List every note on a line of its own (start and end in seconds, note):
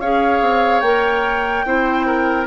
0.00 0.40 C#4
0.00 0.83 G#4
0.00 1.65 C#5
0.00 0.80 F5
0.40 0.81 C4
0.80 1.64 A#3
0.80 1.65 A#4
0.80 2.45 G5
1.65 2.46 C4
1.65 2.46 E4
1.65 2.06 C5
2.06 2.46 A#4